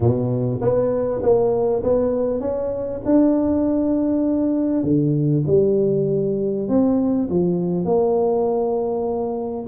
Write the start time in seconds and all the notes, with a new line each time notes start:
0.00 B2
0.61 B3
1.22 A#3
1.83 B3
2.40 C#4
3.05 D4
4.83 D3
5.47 G3
6.68 C4
7.29 F3
7.84 A#3